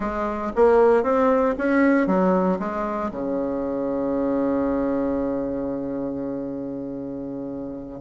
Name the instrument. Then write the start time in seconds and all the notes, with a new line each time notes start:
bassoon
0.00 G#3
0.55 A#3
1.03 C4
1.58 C#4
2.06 F#3
2.59 G#3
3.11 C#3